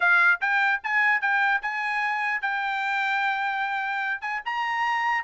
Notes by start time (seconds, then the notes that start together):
0.00 F5
0.40 G5
0.83 G#5
1.21 G5
1.61 G#5
2.41 G5
4.21 G#5
4.45 A#5